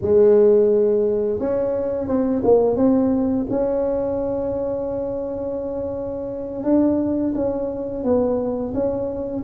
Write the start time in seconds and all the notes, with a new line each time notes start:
0.01 G#3
1.39 C#4
2.07 C4
2.44 A#3
2.76 C4
3.49 C#4
6.63 D4
7.34 C#4
8.03 B3
8.73 C#4